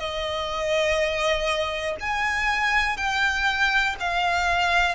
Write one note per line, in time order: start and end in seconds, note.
0.00 1.97 D#5
2.01 2.97 G#5
2.97 3.96 G5
4.00 4.95 F5